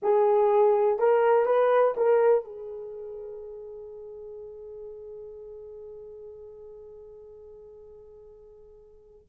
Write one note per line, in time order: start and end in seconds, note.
0.02 0.98 G#4
0.98 1.45 A#4
1.45 1.94 B4
1.96 2.44 A#4
2.44 9.27 G#4